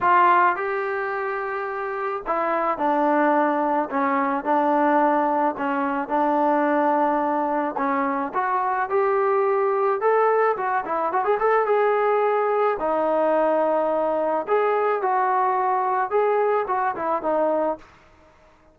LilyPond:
\new Staff \with { instrumentName = "trombone" } { \time 4/4 \tempo 4 = 108 f'4 g'2. | e'4 d'2 cis'4 | d'2 cis'4 d'4~ | d'2 cis'4 fis'4 |
g'2 a'4 fis'8 e'8 | fis'16 gis'16 a'8 gis'2 dis'4~ | dis'2 gis'4 fis'4~ | fis'4 gis'4 fis'8 e'8 dis'4 | }